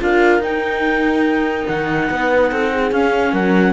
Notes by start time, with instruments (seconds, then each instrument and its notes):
0.00 cello D4, viola F4, horn A#4, clarinet F5
0.39 cello D#4, viola D#4, clarinet G5
1.68 cello D#3, clarinet F#5
2.10 cello B3, horn B4
2.51 cello C4, horn A4
2.72 horn G#4
2.91 cello C#4, viola C#4, clarinet F5
3.32 cello F#3, horn A#4, clarinet F#5